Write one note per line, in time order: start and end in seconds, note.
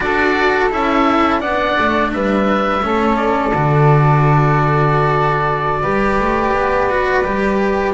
0.00 0.71 D4
0.00 0.70 F#4
0.00 1.40 A4
0.00 0.70 D5
0.70 1.42 C#4
0.70 1.40 E4
0.70 1.40 E5
1.40 1.77 B3
1.40 2.81 D4
1.40 2.10 D5
1.40 2.10 F#5
1.78 2.13 A3
2.12 2.82 G3
2.12 2.84 B4
2.12 3.16 E5
2.81 3.52 A3
2.81 3.52 C#4
2.81 5.81 A4
3.16 7.93 D5
3.53 5.83 D3
3.53 5.83 F#4
5.81 6.19 G3
5.81 6.89 G4
5.81 7.93 B4
6.19 6.52 A3
6.52 7.23 B3
6.89 7.23 F#4
7.23 7.94 G3
7.23 7.94 G4